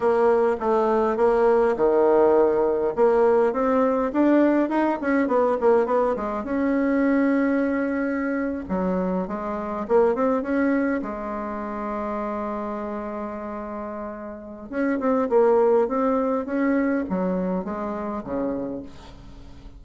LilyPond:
\new Staff \with { instrumentName = "bassoon" } { \time 4/4 \tempo 4 = 102 ais4 a4 ais4 dis4~ | dis4 ais4 c'4 d'4 | dis'8 cis'8 b8 ais8 b8 gis8 cis'4~ | cis'2~ cis'8. fis4 gis16~ |
gis8. ais8 c'8 cis'4 gis4~ gis16~ | gis1~ | gis4 cis'8 c'8 ais4 c'4 | cis'4 fis4 gis4 cis4 | }